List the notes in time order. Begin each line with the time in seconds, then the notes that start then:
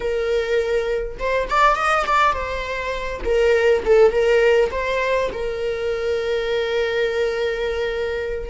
0.00 A#4
1.19 C5
1.49 D5
1.75 D#5
2.06 D5
2.32 C5
3.24 A#4
3.85 A4
4.11 A#4
4.71 C5
5.33 A#4